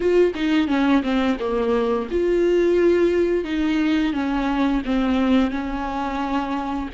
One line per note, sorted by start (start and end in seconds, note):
0.00 0.33 F4
0.34 0.67 D#4
0.67 1.02 C#4
1.03 1.37 C4
1.39 2.08 A#3
2.10 3.44 F4
3.44 4.13 D#4
4.13 4.82 C#4
4.85 5.50 C4
5.50 6.88 C#4